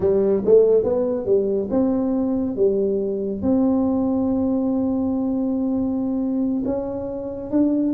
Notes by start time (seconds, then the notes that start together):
0.00 G3
0.45 A3
0.83 B3
1.25 G3
1.70 C4
2.56 G3
3.41 C4
6.65 C#4
7.50 D4